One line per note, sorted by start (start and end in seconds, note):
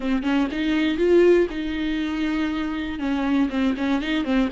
0.00 0.22 C4
0.22 0.47 C#4
0.51 0.97 D#4
0.97 1.47 F4
1.50 2.99 D#4
2.99 3.49 C#4
3.49 3.74 C4
3.77 4.01 C#4
4.01 4.24 D#4
4.24 4.49 C4